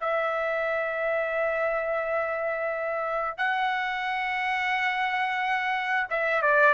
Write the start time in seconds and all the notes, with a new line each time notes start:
0.00 E5
3.37 F#5
6.09 E5
6.41 D5